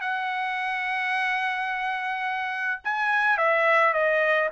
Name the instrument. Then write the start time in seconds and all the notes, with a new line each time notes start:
trumpet
0.00 F#5
2.84 G#5
3.37 E5
3.93 D#5